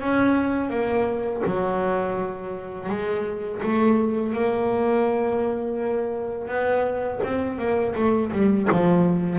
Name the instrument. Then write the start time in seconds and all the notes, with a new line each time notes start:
double bass
0.00 C#4
0.70 A#3
1.45 F#3
2.89 G#3
3.62 A3
4.33 A#3
6.48 B3
7.23 C4
7.58 A#3
7.95 A3
8.32 G3
8.71 F3